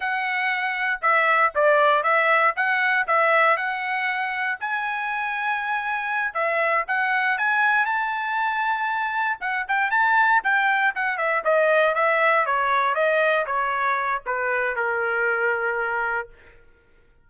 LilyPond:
\new Staff \with { instrumentName = "trumpet" } { \time 4/4 \tempo 4 = 118 fis''2 e''4 d''4 | e''4 fis''4 e''4 fis''4~ | fis''4 gis''2.~ | gis''8 e''4 fis''4 gis''4 a''8~ |
a''2~ a''8 fis''8 g''8 a''8~ | a''8 g''4 fis''8 e''8 dis''4 e''8~ | e''8 cis''4 dis''4 cis''4. | b'4 ais'2. | }